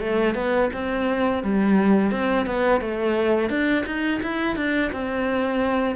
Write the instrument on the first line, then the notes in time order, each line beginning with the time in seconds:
cello
0.00 A3
0.35 B3
0.74 C4
1.43 G3
2.11 C4
2.46 B3
2.81 A3
3.50 D4
3.86 D#4
4.23 E4
4.56 D4
4.92 C4